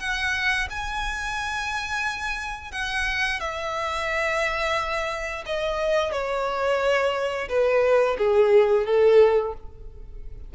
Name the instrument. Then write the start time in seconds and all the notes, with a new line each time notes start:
violin
0.00 F#5
0.70 G#5
2.72 F#5
3.40 E5
5.46 D#5
6.12 C#5
7.49 B4
8.18 G#4
8.86 A4